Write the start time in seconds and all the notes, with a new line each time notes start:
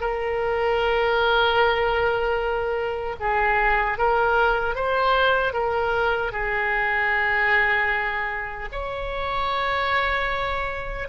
0.00 A#4
3.20 G#4
3.98 A#4
4.75 C5
5.53 A#4
6.32 G#4
8.72 C#5